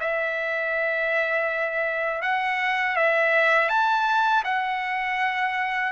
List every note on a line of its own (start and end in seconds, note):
0.00 2.22 E5
2.22 2.96 F#5
2.96 3.69 E5
3.69 4.43 A5
4.44 5.92 F#5